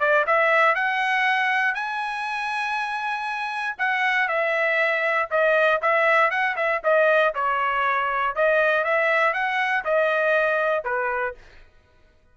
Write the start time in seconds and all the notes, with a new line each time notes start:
0.00 D5
0.27 E5
0.75 F#5
1.75 G#5
3.79 F#5
4.28 E5
5.31 D#5
5.82 E5
6.31 F#5
6.57 E5
6.84 D#5
7.35 C#5
8.36 D#5
8.85 E5
9.34 F#5
9.85 D#5
10.84 B4